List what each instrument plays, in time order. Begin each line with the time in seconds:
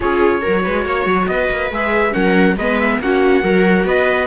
0.00 cello C#4, viola F4 G#4, trumpet C#5
0.41 viola F#4 A#4
0.47 cello F#3
0.63 cello G#3, viola B4
0.85 cello A#3, viola C#5
1.05 cello F#3
1.27 cello B3, viola B4, trumpet D#5
1.50 cello A#3
1.70 cello G#3, viola G#4, trumpet E5
2.11 cello F#3, viola C#4 A#4, trumpet F#5
2.56 cello G#3, viola B3 B4, trumpet D#5
2.79 trumpet E5
2.99 cello A#3, viola C#4 F#4, trumpet F#5
3.42 cello F#3, viola F#4 A#4
3.85 cello B3, viola B4, trumpet D#5